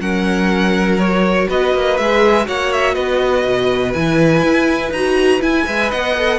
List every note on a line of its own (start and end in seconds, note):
0.00 1.48 F#3
0.00 1.00 C#4
0.00 1.48 A#4
0.00 0.99 F#5
0.99 2.01 F#4
0.99 1.48 C#5
1.48 1.74 B3
1.48 2.46 B4
1.48 1.97 D#5
1.74 1.98 A#3
1.97 2.48 G#3
1.97 2.44 G#4
1.97 2.47 E5
2.44 2.96 A#3
2.44 3.92 F#4
2.44 2.94 C#5
2.44 2.73 F#5
2.73 2.94 E5
2.94 3.45 B3
2.94 5.64 B4
2.94 3.92 D#5
3.46 3.95 B2
3.93 4.43 E3
3.93 4.93 E4
3.93 4.92 G#5
4.43 4.91 E4
4.91 5.40 D#4
4.91 5.41 F#4
4.91 5.41 A#5
5.41 5.65 E4
5.41 5.67 E4
5.41 5.91 G#5
5.65 5.92 G#3
5.65 6.14 B4
5.65 5.91 E5
5.91 6.38 B3
5.91 6.38 D#5
5.91 6.38 F#5
6.18 6.38 A4